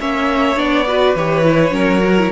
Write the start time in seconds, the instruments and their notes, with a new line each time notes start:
0.00 cello A#3, viola C#4, violin C#5 E5
0.56 cello B3, viola D4, violin D5
0.88 viola F#4, violin B4
1.16 cello E3, viola G4, violin C#5
1.45 viola E4
1.71 cello F#3, viola C#4, violin A#4
2.04 viola F#4
2.19 viola E4